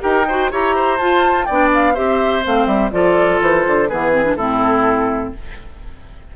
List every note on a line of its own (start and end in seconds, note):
0.00 0.51 D#4
0.00 0.24 G4
0.00 0.26 A#4
0.00 0.50 G5
0.28 0.50 F#4
0.28 0.51 C5
0.50 0.99 E4
0.50 0.99 G4
0.50 0.75 C#5
0.50 0.97 A#5
0.75 1.46 C5
0.97 1.48 F4
0.97 1.44 A5
1.44 1.97 B3
1.44 1.94 D4
1.44 1.93 D5
1.44 1.69 G5
1.74 1.95 F5
1.93 2.45 C4
1.93 2.43 G4
1.93 2.90 C5
1.93 2.43 E5
2.43 2.66 A3
2.43 2.91 C4
2.43 2.66 F5
2.66 2.90 G3
2.66 2.90 E5
2.91 3.41 F3
2.91 3.88 F4
2.91 3.89 A4
2.91 3.40 D5
3.41 3.65 E3
3.41 3.88 C5
3.66 3.90 D3
3.88 4.35 E3
3.88 4.12 B3
3.88 4.36 G#4
3.88 4.35 B4
4.12 4.24 C4
4.24 4.36 D4
4.35 5.32 A2
4.35 5.36 C4
4.35 5.33 E4
4.35 5.32 A4